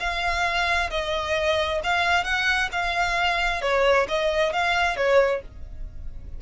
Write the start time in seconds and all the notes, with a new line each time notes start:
0.00 F5
0.91 D#5
1.84 F5
2.24 F#5
2.72 F5
3.62 C#5
4.08 D#5
4.53 F5
4.96 C#5